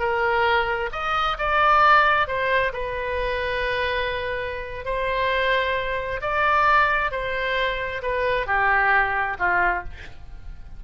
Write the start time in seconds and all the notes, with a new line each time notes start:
0.00 A#4
0.92 D#5
1.39 D5
2.28 C5
2.74 B4
4.86 C5
6.22 D5
7.12 C5
8.03 B4
8.47 G4
9.39 F4